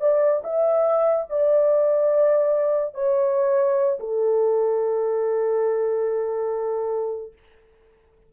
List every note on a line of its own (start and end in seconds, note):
0.00 0.42 D5
0.43 1.27 E5
1.29 2.94 D5
2.94 3.98 C#5
3.99 7.33 A4